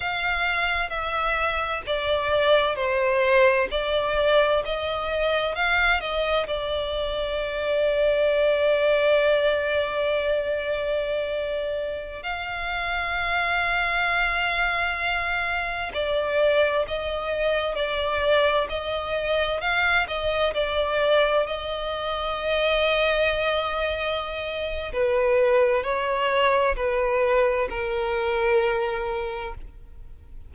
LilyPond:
\new Staff \with { instrumentName = "violin" } { \time 4/4 \tempo 4 = 65 f''4 e''4 d''4 c''4 | d''4 dis''4 f''8 dis''8 d''4~ | d''1~ | d''4~ d''16 f''2~ f''8.~ |
f''4~ f''16 d''4 dis''4 d''8.~ | d''16 dis''4 f''8 dis''8 d''4 dis''8.~ | dis''2. b'4 | cis''4 b'4 ais'2 | }